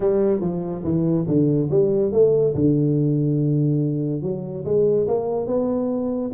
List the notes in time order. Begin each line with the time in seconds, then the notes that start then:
0.00 G3
0.40 F3
0.83 E3
1.27 D3
1.70 G3
2.12 A3
2.54 D3
4.22 F#3
4.64 G#3
5.07 A#3
5.46 B3